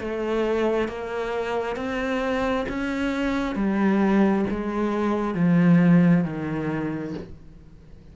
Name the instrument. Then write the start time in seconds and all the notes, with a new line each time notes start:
cello
0.00 A3
0.88 A#3
1.76 C4
2.69 C#4
3.56 G3
4.50 G#3
5.34 F3
6.24 D#3